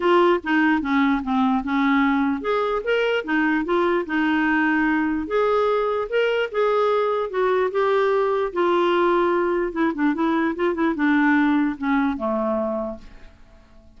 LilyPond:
\new Staff \with { instrumentName = "clarinet" } { \time 4/4 \tempo 4 = 148 f'4 dis'4 cis'4 c'4 | cis'2 gis'4 ais'4 | dis'4 f'4 dis'2~ | dis'4 gis'2 ais'4 |
gis'2 fis'4 g'4~ | g'4 f'2. | e'8 d'8 e'4 f'8 e'8 d'4~ | d'4 cis'4 a2 | }